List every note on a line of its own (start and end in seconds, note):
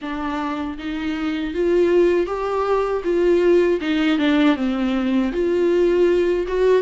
0.01 0.77 D4
0.78 1.54 D#4
1.54 2.26 F4
2.26 3.02 G4
3.03 3.79 F4
3.80 4.18 D#4
4.18 4.56 D4
4.56 5.32 C4
5.32 6.46 F4
6.47 6.82 F#4